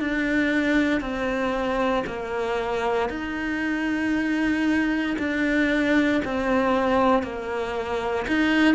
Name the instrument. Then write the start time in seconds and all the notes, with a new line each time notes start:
cello
0.00 D4
1.01 C4
2.07 A#3
3.10 D#4
5.19 D4
6.25 C4
7.23 A#3
8.28 D#4